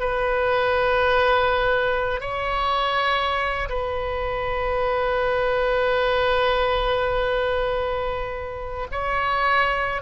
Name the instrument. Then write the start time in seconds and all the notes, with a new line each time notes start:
oboe
0.00 B4
2.21 C#5
3.69 B4
8.92 C#5